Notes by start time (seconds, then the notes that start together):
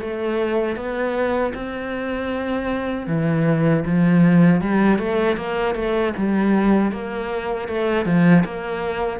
0.00 A3
0.76 B3
1.54 C4
3.07 E3
3.85 F3
4.61 G3
4.99 A3
5.36 A#3
5.74 A3
6.17 G3
6.91 A#3
7.68 A3
8.05 F3
8.44 A#3